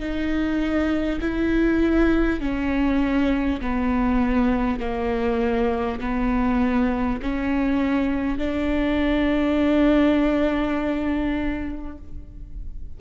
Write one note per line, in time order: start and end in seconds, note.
0.00 1.20 D#4
1.21 2.41 E4
2.41 3.61 C#4
3.61 4.80 B3
4.80 6.00 A#3
6.01 7.21 B3
7.22 8.38 C#4
8.38 11.98 D4